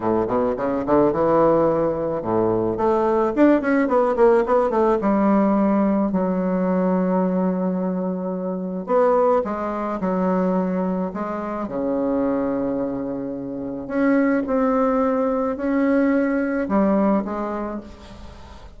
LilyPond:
\new Staff \with { instrumentName = "bassoon" } { \time 4/4 \tempo 4 = 108 a,8 b,8 cis8 d8 e2 | a,4 a4 d'8 cis'8 b8 ais8 | b8 a8 g2 fis4~ | fis1 |
b4 gis4 fis2 | gis4 cis2.~ | cis4 cis'4 c'2 | cis'2 g4 gis4 | }